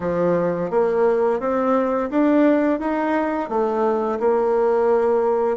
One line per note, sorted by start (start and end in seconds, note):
0.00 0.70 F3
0.70 1.40 A#3
1.40 2.09 C4
2.10 2.79 D4
2.79 3.49 D#4
3.49 4.19 A3
4.19 5.57 A#3